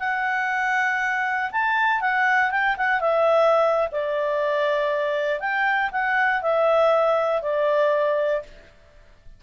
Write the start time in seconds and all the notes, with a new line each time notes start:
0.00 F#5
1.52 A5
2.01 F#5
2.51 G5
2.78 F#5
3.01 E5
3.92 D5
5.40 G5
5.92 F#5
6.42 E5
7.42 D5